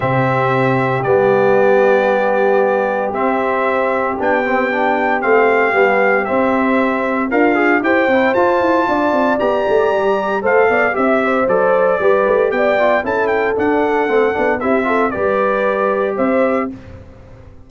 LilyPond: <<
  \new Staff \with { instrumentName = "trumpet" } { \time 4/4 \tempo 4 = 115 e''2 d''2~ | d''2 e''2 | g''2 f''2 | e''2 f''4 g''4 |
a''2 ais''2 | f''4 e''4 d''2 | g''4 a''8 g''8 fis''2 | e''4 d''2 e''4 | }
  \new Staff \with { instrumentName = "horn" } { \time 4/4 g'1~ | g'1~ | g'1~ | g'2 f'4 c''4~ |
c''4 d''2. | c''8 d''8 e''8 c''4. b'4 | d''4 a'2. | g'8 a'8 b'2 c''4 | }
  \new Staff \with { instrumentName = "trombone" } { \time 4/4 c'2 b2~ | b2 c'2 | d'8 c'8 d'4 c'4 b4 | c'2 ais'8 gis'8 g'8 e'8 |
f'2 g'2 | a'4 g'4 a'4 g'4~ | g'8 f'8 e'4 d'4 c'8 d'8 | e'8 f'8 g'2. | }
  \new Staff \with { instrumentName = "tuba" } { \time 4/4 c2 g2~ | g2 c'2 | b2 a4 g4 | c'2 d'4 e'8 c'8 |
f'8 e'8 d'8 c'8 b8 a8 g4 | a8 b8 c'4 fis4 g8 a8 | b4 cis'4 d'4 a8 b8 | c'4 g2 c'4 | }
>>